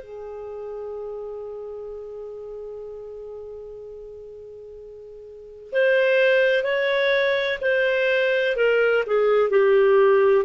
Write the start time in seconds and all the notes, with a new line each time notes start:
0.00 G#4
5.72 C5
6.64 C#5
7.61 C5
8.56 A#4
9.06 G#4
9.50 G4